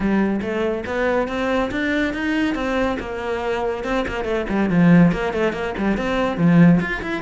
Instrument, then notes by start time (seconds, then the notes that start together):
cello
0.00 G3
0.41 A3
0.86 B3
1.28 C4
1.71 D4
2.13 D#4
2.54 C4
2.99 A#3
3.84 C4
4.07 A#3
4.24 A3
4.49 G3
4.69 F3
5.12 A#3
5.33 A3
5.52 A#3
5.77 G3
5.97 C4
6.37 F3
6.80 F4
7.01 E4